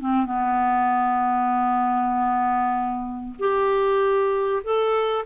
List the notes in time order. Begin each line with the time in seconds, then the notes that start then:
0.00 C4
0.26 B3
3.39 G4
4.64 A4